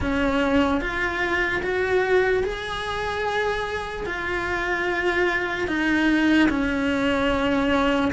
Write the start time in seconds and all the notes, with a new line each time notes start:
0.00 C#4
0.80 F4
1.62 F#4
2.43 G#4
4.05 F4
5.68 D#4
6.49 C#4